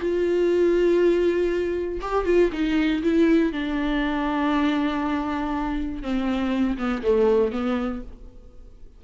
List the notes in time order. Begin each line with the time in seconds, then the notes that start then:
0.00 F4
2.01 G4
2.25 F4
2.52 D#4
3.03 E4
3.52 D4
6.02 C4
6.77 B3
7.03 A3
7.52 B3